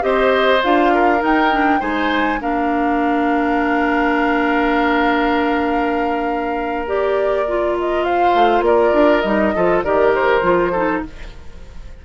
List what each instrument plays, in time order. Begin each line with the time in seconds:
0.00 bassoon C4, clarinet G4, oboe C5, flute D#5
0.63 bassoon D4, clarinet F4, flute F5
0.94 oboe A#4
1.20 clarinet D#4, bassoon D#4, flute G5
1.51 clarinet D4
1.79 bassoon G#3, clarinet D#4, oboe C5, flute G#5
2.40 bassoon A#3, clarinet D4, oboe A#4, flute F5
6.87 clarinet G4, flute D5
7.48 clarinet F4
7.79 flute D#5
8.04 oboe C5, flute F5
8.34 bassoon A3
8.61 bassoon A#3, oboe A#4, flute D5
8.93 bassoon D4
9.21 bassoon G3, clarinet D#4, flute D#5
9.55 bassoon F3, clarinet F4, oboe A4
9.84 bassoon D#3, clarinet G4, oboe A#4, flute D5
10.14 flute C5
10.42 bassoon F3, clarinet F4
10.72 clarinet D#4, oboe A4